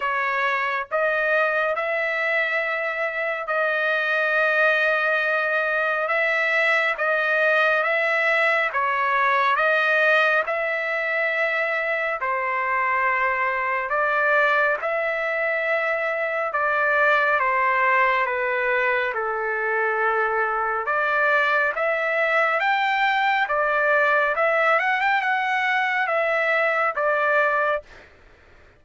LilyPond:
\new Staff \with { instrumentName = "trumpet" } { \time 4/4 \tempo 4 = 69 cis''4 dis''4 e''2 | dis''2. e''4 | dis''4 e''4 cis''4 dis''4 | e''2 c''2 |
d''4 e''2 d''4 | c''4 b'4 a'2 | d''4 e''4 g''4 d''4 | e''8 fis''16 g''16 fis''4 e''4 d''4 | }